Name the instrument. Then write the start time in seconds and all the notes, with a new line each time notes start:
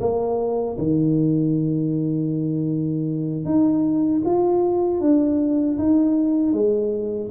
tuba
0.00 A#3
0.78 D#3
3.45 D#4
4.24 F4
5.00 D4
5.78 D#4
6.53 G#3